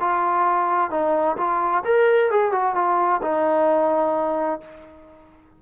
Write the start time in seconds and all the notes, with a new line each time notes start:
0.00 F4
0.90 D#4
1.37 F4
1.85 A#4
2.30 G#4
2.52 F#4
2.75 F4
3.22 D#4